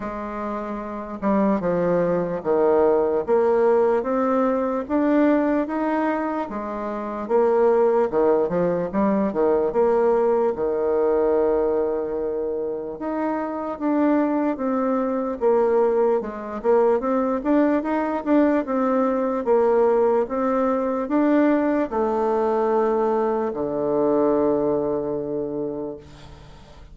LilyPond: \new Staff \with { instrumentName = "bassoon" } { \time 4/4 \tempo 4 = 74 gis4. g8 f4 dis4 | ais4 c'4 d'4 dis'4 | gis4 ais4 dis8 f8 g8 dis8 | ais4 dis2. |
dis'4 d'4 c'4 ais4 | gis8 ais8 c'8 d'8 dis'8 d'8 c'4 | ais4 c'4 d'4 a4~ | a4 d2. | }